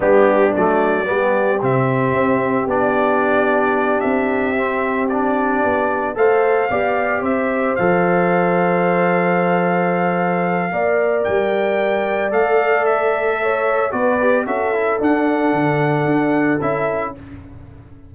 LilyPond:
<<
  \new Staff \with { instrumentName = "trumpet" } { \time 4/4 \tempo 4 = 112 g'4 d''2 e''4~ | e''4 d''2~ d''8 e''8~ | e''4. d''2 f''8~ | f''4. e''4 f''4.~ |
f''1~ | f''4 g''2 f''4 | e''2 d''4 e''4 | fis''2. e''4 | }
  \new Staff \with { instrumentName = "horn" } { \time 4/4 d'2 g'2~ | g'1~ | g'2.~ g'8 c''8~ | c''8 d''4 c''2~ c''8~ |
c''1 | d''1~ | d''4 cis''4 b'4 a'4~ | a'1 | }
  \new Staff \with { instrumentName = "trombone" } { \time 4/4 b4 a4 b4 c'4~ | c'4 d'2.~ | d'8 c'4 d'2 a'8~ | a'8 g'2 a'4.~ |
a'1 | ais'2. a'4~ | a'2 fis'8 g'8 fis'8 e'8 | d'2. e'4 | }
  \new Staff \with { instrumentName = "tuba" } { \time 4/4 g4 fis4 g4 c4 | c'4 b2~ b8 c'8~ | c'2~ c'8 b4 a8~ | a8 b4 c'4 f4.~ |
f1 | ais4 g2 a4~ | a2 b4 cis'4 | d'4 d4 d'4 cis'4 | }
>>